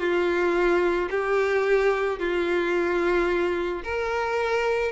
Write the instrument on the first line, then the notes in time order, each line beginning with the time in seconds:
violin
0.00 F4
1.11 G4
2.20 F4
3.84 A#4